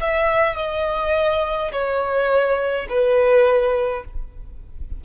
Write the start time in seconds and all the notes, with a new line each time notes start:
0.00 E5
0.56 D#5
1.72 C#5
2.88 B4